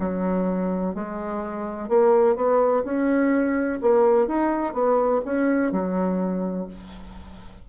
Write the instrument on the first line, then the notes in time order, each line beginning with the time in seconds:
bassoon
0.00 F#3
0.95 G#3
1.89 A#3
2.36 B3
2.84 C#4
3.82 A#3
4.28 D#4
4.74 B3
5.26 C#4
5.72 F#3